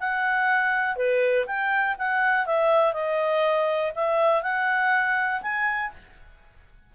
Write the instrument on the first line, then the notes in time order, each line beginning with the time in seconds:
clarinet
0.00 F#5
0.96 B4
1.46 G5
1.98 F#5
2.46 E5
2.93 D#5
3.95 E5
4.42 F#5
5.42 G#5